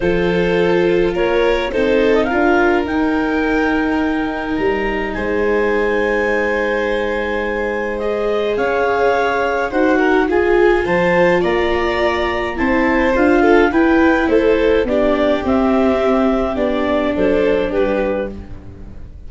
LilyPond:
<<
  \new Staff \with { instrumentName = "clarinet" } { \time 4/4 \tempo 4 = 105 c''2 cis''4 c''8. dis''16 | f''4 g''2. | ais''4 gis''2.~ | gis''2 dis''4 f''4~ |
f''4 fis''4 gis''4 a''4 | ais''2 a''4 f''4 | g''4 c''4 d''4 e''4~ | e''4 d''4 c''4 b'4 | }
  \new Staff \with { instrumentName = "violin" } { \time 4/4 a'2 ais'4 a'4 | ais'1~ | ais'4 c''2.~ | c''2. cis''4~ |
cis''4 c''8 ais'8 gis'4 c''4 | d''2 c''4. a'8 | b'4 a'4 g'2~ | g'2 a'4 g'4 | }
  \new Staff \with { instrumentName = "viola" } { \time 4/4 f'2. dis'4 | f'4 dis'2.~ | dis'1~ | dis'2 gis'2~ |
gis'4 fis'4 f'2~ | f'2 e'4 f'4 | e'2 d'4 c'4~ | c'4 d'2. | }
  \new Staff \with { instrumentName = "tuba" } { \time 4/4 f2 ais4 c'4 | d'4 dis'2. | g4 gis2.~ | gis2. cis'4~ |
cis'4 dis'4 f'4 f4 | ais2 c'4 d'4 | e'4 a4 b4 c'4~ | c'4 b4 fis4 g4 | }
>>